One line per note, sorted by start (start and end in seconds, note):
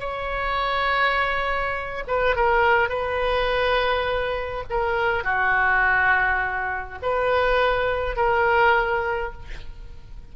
0.00 2.04 C#5
2.07 2.36 B4
2.36 2.89 A#4
2.89 4.64 B4
4.70 5.24 A#4
5.24 6.99 F#4
7.02 8.16 B4
8.16 9.33 A#4